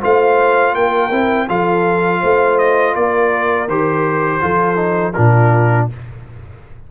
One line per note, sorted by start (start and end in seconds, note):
0.00 0.75 A3
0.00 1.11 F4
0.00 0.73 C5
0.00 0.75 F5
0.74 1.11 A#3
0.74 1.47 A#4
0.74 1.48 G5
1.11 1.48 C4
1.11 1.48 E4
1.48 2.22 F3
1.48 3.68 F4
1.48 2.20 A4
1.48 2.58 F5
2.20 2.95 A3
2.20 2.93 C5
2.58 2.95 D#5
2.95 3.68 A#3
2.95 4.41 A#4
2.95 3.68 D5
3.68 4.41 D#3
3.68 4.41 G4
3.68 5.13 C5
4.41 5.16 F3
4.41 4.76 F4
4.41 5.14 A4
4.76 5.12 D#4
5.13 5.91 A#2
5.13 5.90 D4
5.13 5.88 F4
5.13 5.86 A#4